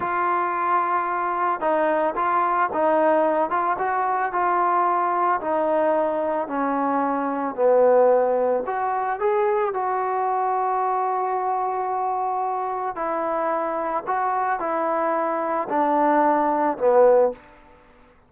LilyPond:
\new Staff \with { instrumentName = "trombone" } { \time 4/4 \tempo 4 = 111 f'2. dis'4 | f'4 dis'4. f'8 fis'4 | f'2 dis'2 | cis'2 b2 |
fis'4 gis'4 fis'2~ | fis'1 | e'2 fis'4 e'4~ | e'4 d'2 b4 | }